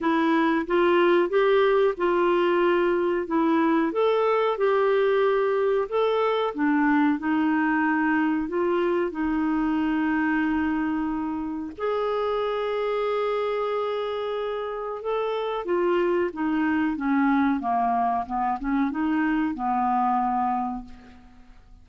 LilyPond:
\new Staff \with { instrumentName = "clarinet" } { \time 4/4 \tempo 4 = 92 e'4 f'4 g'4 f'4~ | f'4 e'4 a'4 g'4~ | g'4 a'4 d'4 dis'4~ | dis'4 f'4 dis'2~ |
dis'2 gis'2~ | gis'2. a'4 | f'4 dis'4 cis'4 ais4 | b8 cis'8 dis'4 b2 | }